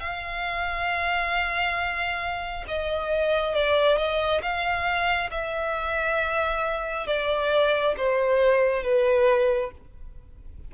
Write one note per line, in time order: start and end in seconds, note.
0.00 2.65 F5
2.68 3.55 D#5
3.55 3.97 D5
3.97 4.41 D#5
4.42 5.30 F5
5.31 7.07 E5
7.07 7.95 D5
7.97 8.83 C5
8.83 9.71 B4